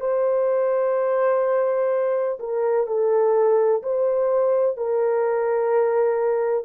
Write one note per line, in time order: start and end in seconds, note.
0.00 2.38 C5
2.39 2.87 A#4
2.87 3.82 A4
3.82 4.77 C5
4.77 6.64 A#4